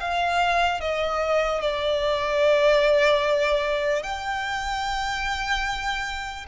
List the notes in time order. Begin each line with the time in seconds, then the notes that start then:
0.00 F5
0.80 D#5
1.61 D5
4.03 G5